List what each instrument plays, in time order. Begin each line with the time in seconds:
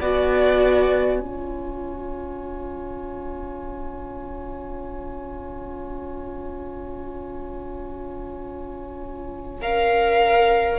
0.00 cello B3, viola F#4, violin D5 G#5
1.20 cello C#4, viola F4, violin C#5
9.61 viola A#4, violin F5